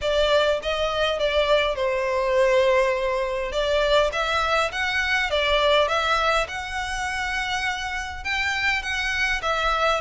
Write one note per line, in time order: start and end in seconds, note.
0.01 0.60 D5
0.62 1.19 D#5
1.19 1.75 D5
1.75 3.52 C5
3.52 4.10 D5
4.12 4.71 E5
4.71 5.30 F#5
5.30 5.87 D5
5.87 6.46 E5
6.47 8.24 F#5
8.24 8.82 G5
8.82 9.41 F#5
9.42 10.00 E5